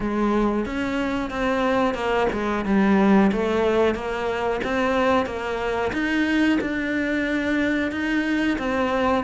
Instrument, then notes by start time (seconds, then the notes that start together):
cello
0.00 G#3
0.65 C#4
1.30 C4
1.94 A#3
2.32 G#3
2.65 G3
3.31 A3
3.94 A#3
4.63 C4
5.25 A#3
5.93 D#4
6.61 D4
7.91 D#4
8.58 C4